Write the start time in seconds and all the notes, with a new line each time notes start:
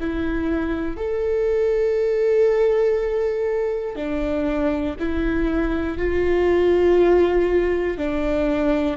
0.00 E4
0.96 A4
3.95 D4
4.99 E4
5.97 F4
7.98 D4